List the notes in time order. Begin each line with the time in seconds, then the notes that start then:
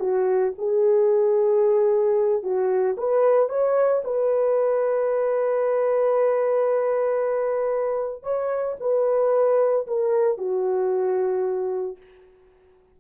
0.00 F#4
0.59 G#4
2.43 F#4
2.98 B4
3.49 C#5
4.04 B4
8.23 C#5
8.80 B4
9.87 A#4
10.38 F#4